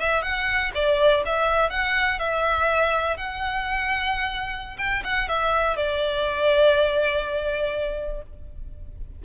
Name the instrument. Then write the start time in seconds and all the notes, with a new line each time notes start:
violin
0.00 E5
0.22 F#5
0.74 D5
1.26 E5
1.70 F#5
2.19 E5
3.17 F#5
4.78 G5
5.04 F#5
5.28 E5
5.77 D5